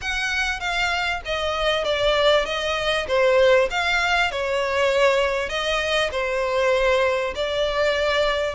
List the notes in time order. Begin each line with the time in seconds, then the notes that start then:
0.01 F#5
0.60 F5
1.25 D#5
1.84 D5
2.45 D#5
3.07 C5
3.70 F5
4.31 C#5
5.49 D#5
6.11 C5
7.35 D5